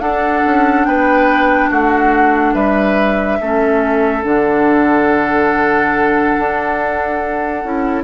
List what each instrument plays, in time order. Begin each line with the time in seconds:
0.00 bassoon D4, clarinet D4, oboe A4, flute F#5
0.46 bassoon C#4
0.85 bassoon B3, oboe B4, flute G5
1.69 bassoon A3, oboe F#4, flute F#5
2.54 bassoon G3, oboe B4, flute E5
3.41 bassoon A3, clarinet C#4, oboe A4
4.23 bassoon D3, clarinet D4, flute F#5
6.39 bassoon D4
7.63 bassoon C#4, clarinet E4